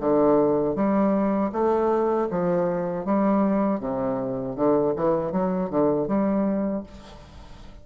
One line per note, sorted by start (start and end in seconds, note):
0.00 0.75 D3
0.75 1.51 G3
1.52 2.28 A3
2.30 3.05 F3
3.05 3.79 G3
3.79 4.55 C3
4.56 4.94 D3
4.96 5.32 E3
5.32 5.70 F#3
5.70 6.07 D3
6.07 6.83 G3